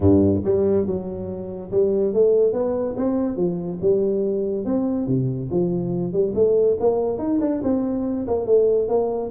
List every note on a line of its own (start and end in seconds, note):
0.00 0.42 G2
0.44 0.86 G3
0.86 1.70 F#3
1.71 2.13 G3
2.13 2.52 A3
2.52 2.95 B3
2.96 3.36 C4
3.36 3.78 F3
3.81 4.65 G3
4.65 5.07 C4
5.07 5.49 C3
5.50 6.12 F3
6.12 6.33 G3
6.34 6.77 A3
6.80 7.18 A#3
7.18 7.39 D#4
7.40 7.61 D4
7.63 8.26 C4
8.27 8.46 A#3
8.46 8.88 A3
8.88 9.30 A#3